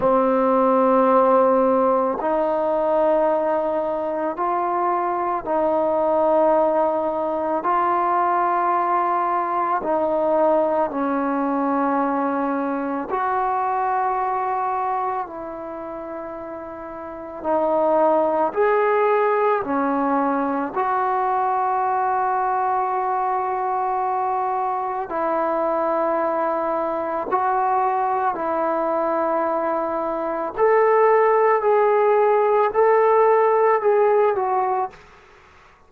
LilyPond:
\new Staff \with { instrumentName = "trombone" } { \time 4/4 \tempo 4 = 55 c'2 dis'2 | f'4 dis'2 f'4~ | f'4 dis'4 cis'2 | fis'2 e'2 |
dis'4 gis'4 cis'4 fis'4~ | fis'2. e'4~ | e'4 fis'4 e'2 | a'4 gis'4 a'4 gis'8 fis'8 | }